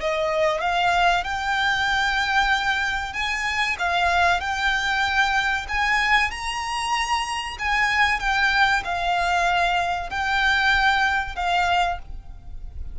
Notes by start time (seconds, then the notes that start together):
0.00 D#5
0.61 F5
1.24 G5
3.13 G#5
3.78 F5
4.40 G5
5.68 G#5
6.31 A#5
7.59 G#5
8.19 G5
8.84 F5
10.10 G5
11.35 F5